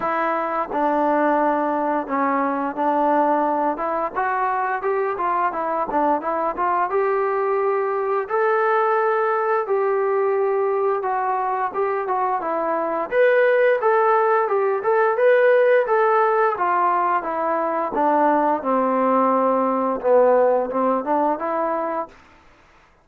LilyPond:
\new Staff \with { instrumentName = "trombone" } { \time 4/4 \tempo 4 = 87 e'4 d'2 cis'4 | d'4. e'8 fis'4 g'8 f'8 | e'8 d'8 e'8 f'8 g'2 | a'2 g'2 |
fis'4 g'8 fis'8 e'4 b'4 | a'4 g'8 a'8 b'4 a'4 | f'4 e'4 d'4 c'4~ | c'4 b4 c'8 d'8 e'4 | }